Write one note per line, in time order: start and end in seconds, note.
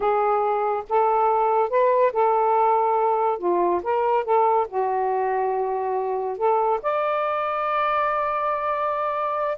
0.00 0.83 G#4
0.89 1.69 A4
1.69 2.12 B4
2.12 3.38 A4
3.38 3.81 F4
3.83 4.24 A#4
4.24 4.67 A4
4.68 6.37 F#4
6.37 6.80 A4
6.82 9.58 D5